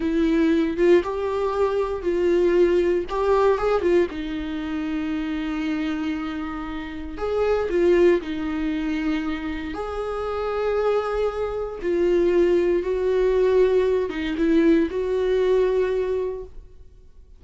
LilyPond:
\new Staff \with { instrumentName = "viola" } { \time 4/4 \tempo 4 = 117 e'4. f'8 g'2 | f'2 g'4 gis'8 f'8 | dis'1~ | dis'2 gis'4 f'4 |
dis'2. gis'4~ | gis'2. f'4~ | f'4 fis'2~ fis'8 dis'8 | e'4 fis'2. | }